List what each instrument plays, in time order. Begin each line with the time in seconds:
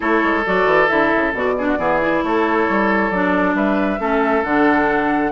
0.00 bassoon A3, clarinet E4, oboe A4, flute C#5
0.23 bassoon G#3
0.45 bassoon F#3, clarinet F#4, flute D5
0.65 bassoon E3
0.88 bassoon D3, clarinet E4, flute E5
1.15 bassoon C#3
1.33 bassoon B2, clarinet F#4, flute D5
1.58 clarinet D4, oboe G#4
1.66 oboe F#4
1.77 bassoon E3, clarinet B3, oboe G#4
2.01 clarinet E4
2.23 bassoon A3, oboe A4, flute C#5
2.69 bassoon G3
3.10 bassoon F#3, clarinet D4, flute D5
3.54 bassoon G3, oboe B4, flute E5
3.99 bassoon A3, clarinet C#4, oboe A4
4.43 bassoon D3, clarinet D4, flute F#5